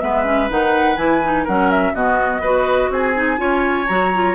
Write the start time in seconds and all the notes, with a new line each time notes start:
0.00 G#3 B3 B4 E5
0.24 C#4
0.49 D#3 D#4 F#5
0.96 E3 E4 G#5
1.23 D#4
1.44 F#3 C#4 A#4 F#5
1.70 E5
1.93 B2 B3 F#4 D#5
2.40 B3 F#4 B4
2.90 C4 G#4 G#5
3.14 D#4
3.37 C#4 F4 C#5
3.87 F#3 F#4 A#5
4.14 F4